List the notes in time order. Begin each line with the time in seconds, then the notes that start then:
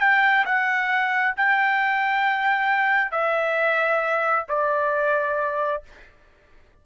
0.00 G5
0.46 F#5
1.36 G5
3.11 E5
4.49 D5